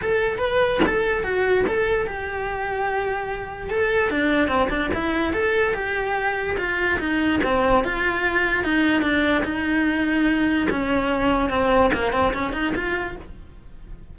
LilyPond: \new Staff \with { instrumentName = "cello" } { \time 4/4 \tempo 4 = 146 a'4 b'4 a'4 fis'4 | a'4 g'2.~ | g'4 a'4 d'4 c'8 d'8 | e'4 a'4 g'2 |
f'4 dis'4 c'4 f'4~ | f'4 dis'4 d'4 dis'4~ | dis'2 cis'2 | c'4 ais8 c'8 cis'8 dis'8 f'4 | }